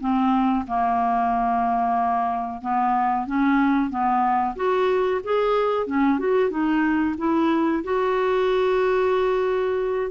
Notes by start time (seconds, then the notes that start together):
0.00 C4
0.67 A#3
2.61 B3
3.26 C#4
3.90 B3
4.56 F#4
5.24 G#4
5.86 C#4
6.19 F#4
6.50 D#4
7.18 E4
7.84 F#4